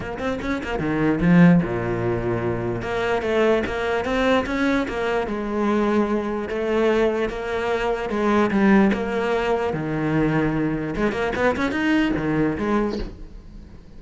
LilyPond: \new Staff \with { instrumentName = "cello" } { \time 4/4 \tempo 4 = 148 ais8 c'8 cis'8 ais8 dis4 f4 | ais,2. ais4 | a4 ais4 c'4 cis'4 | ais4 gis2. |
a2 ais2 | gis4 g4 ais2 | dis2. gis8 ais8 | b8 cis'8 dis'4 dis4 gis4 | }